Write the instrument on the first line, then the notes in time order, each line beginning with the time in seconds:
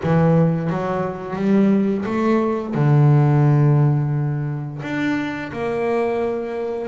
double bass
0.03 E3
0.70 F#3
1.36 G3
2.05 A3
2.74 D3
4.82 D4
5.52 A#3